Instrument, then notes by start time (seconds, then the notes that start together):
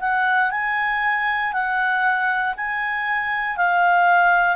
clarinet
0.00 F#5
0.51 G#5
1.53 F#5
2.57 G#5
3.57 F5